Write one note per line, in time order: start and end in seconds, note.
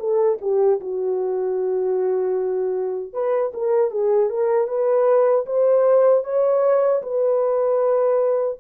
0.00 0.39 A4
0.41 0.80 G4
0.81 3.13 F#4
3.13 3.52 B4
3.54 3.91 A#4
3.91 4.30 G#4
4.30 4.68 A#4
4.68 5.46 B4
5.47 6.24 C5
6.24 7.02 C#5
7.03 8.59 B4